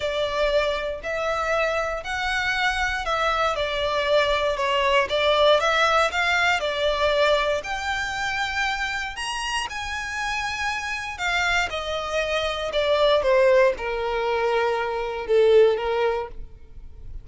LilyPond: \new Staff \with { instrumentName = "violin" } { \time 4/4 \tempo 4 = 118 d''2 e''2 | fis''2 e''4 d''4~ | d''4 cis''4 d''4 e''4 | f''4 d''2 g''4~ |
g''2 ais''4 gis''4~ | gis''2 f''4 dis''4~ | dis''4 d''4 c''4 ais'4~ | ais'2 a'4 ais'4 | }